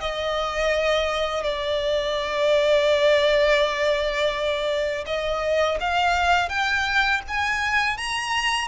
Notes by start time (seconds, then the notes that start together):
0.00 D#5
1.43 D5
5.06 D#5
5.80 F5
6.49 G5
7.27 G#5
7.97 A#5